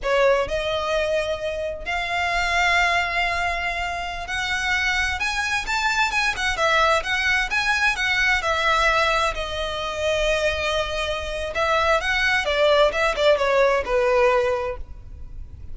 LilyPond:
\new Staff \with { instrumentName = "violin" } { \time 4/4 \tempo 4 = 130 cis''4 dis''2. | f''1~ | f''4~ f''16 fis''2 gis''8.~ | gis''16 a''4 gis''8 fis''8 e''4 fis''8.~ |
fis''16 gis''4 fis''4 e''4.~ e''16~ | e''16 dis''2.~ dis''8.~ | dis''4 e''4 fis''4 d''4 | e''8 d''8 cis''4 b'2 | }